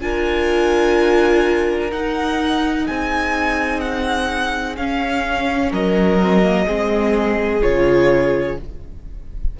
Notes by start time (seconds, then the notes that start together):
0.00 D4 F4 A#4 G#5
1.91 D#4 F#5
2.86 C4 G#4 G#5
3.80 F#5
4.77 C#4 F5
5.70 F#3 A#4 D#5
6.22 C4
6.42 A#3
6.66 G#3 C4 G#4
7.62 C#3 F4 C#5